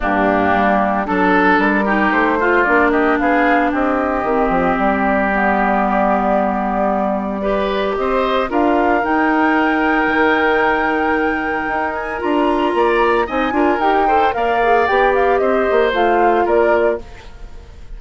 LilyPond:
<<
  \new Staff \with { instrumentName = "flute" } { \time 4/4 \tempo 4 = 113 g'2 a'4 ais'4 | c''4 d''8 dis''8 f''4 dis''4~ | dis''4 d''2.~ | d''2. dis''4 |
f''4 g''2.~ | g''2~ g''8 gis''8 ais''4~ | ais''4 gis''4 g''4 f''4 | g''8 f''8 dis''4 f''4 d''4 | }
  \new Staff \with { instrumentName = "oboe" } { \time 4/4 d'2 a'4. g'8~ | g'8 f'4 g'8 gis'4 g'4~ | g'1~ | g'2 b'4 c''4 |
ais'1~ | ais'1 | d''4 dis''8 ais'4 c''8 d''4~ | d''4 c''2 ais'4 | }
  \new Staff \with { instrumentName = "clarinet" } { \time 4/4 ais2 d'4. dis'8~ | dis'8 f'8 d'2. | c'2 b2~ | b2 g'2 |
f'4 dis'2.~ | dis'2. f'4~ | f'4 dis'8 f'8 g'8 a'8 ais'8 gis'8 | g'2 f'2 | }
  \new Staff \with { instrumentName = "bassoon" } { \time 4/4 g,4 g4 fis4 g4 | a4 ais4 b4 c'4 | dis8 f8 g2.~ | g2. c'4 |
d'4 dis'2 dis4~ | dis2 dis'4 d'4 | ais4 c'8 d'8 dis'4 ais4 | b4 c'8 ais8 a4 ais4 | }
>>